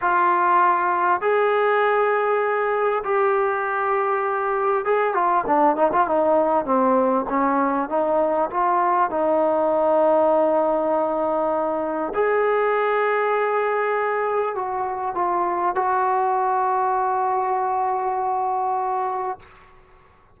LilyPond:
\new Staff \with { instrumentName = "trombone" } { \time 4/4 \tempo 4 = 99 f'2 gis'2~ | gis'4 g'2. | gis'8 f'8 d'8 dis'16 f'16 dis'4 c'4 | cis'4 dis'4 f'4 dis'4~ |
dis'1 | gis'1 | fis'4 f'4 fis'2~ | fis'1 | }